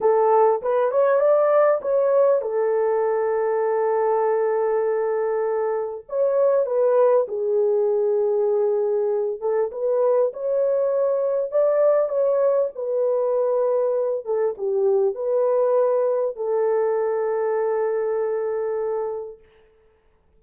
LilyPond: \new Staff \with { instrumentName = "horn" } { \time 4/4 \tempo 4 = 99 a'4 b'8 cis''8 d''4 cis''4 | a'1~ | a'2 cis''4 b'4 | gis'2.~ gis'8 a'8 |
b'4 cis''2 d''4 | cis''4 b'2~ b'8 a'8 | g'4 b'2 a'4~ | a'1 | }